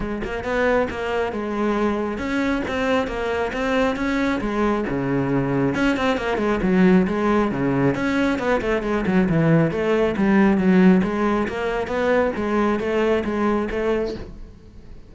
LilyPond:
\new Staff \with { instrumentName = "cello" } { \time 4/4 \tempo 4 = 136 gis8 ais8 b4 ais4 gis4~ | gis4 cis'4 c'4 ais4 | c'4 cis'4 gis4 cis4~ | cis4 cis'8 c'8 ais8 gis8 fis4 |
gis4 cis4 cis'4 b8 a8 | gis8 fis8 e4 a4 g4 | fis4 gis4 ais4 b4 | gis4 a4 gis4 a4 | }